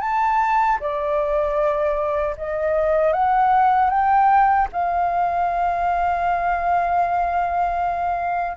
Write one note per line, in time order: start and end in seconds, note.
0.00 0.78 A5
0.80 2.36 D5
2.37 3.12 D#5
3.12 3.90 F#5
3.90 4.68 G5
4.72 8.56 F5